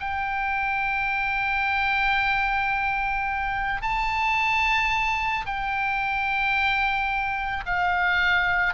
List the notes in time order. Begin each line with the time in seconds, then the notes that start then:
0.00 G5
3.82 A5
5.46 G5
7.66 F5